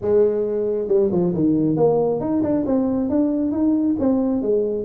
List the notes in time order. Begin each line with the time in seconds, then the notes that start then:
0.01 G#3
0.87 G3
1.11 F3
1.34 D#3
1.76 A#3
2.20 D#4
2.42 D4
2.66 C4
3.09 D4
3.51 D#4
3.99 C4
4.42 G#3